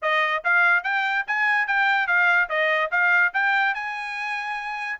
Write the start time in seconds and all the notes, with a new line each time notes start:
0.02 D#5
0.44 F5
0.83 G5
1.27 G#5
1.67 G5
2.07 F5
2.49 D#5
2.91 F5
3.33 G5
3.74 G#5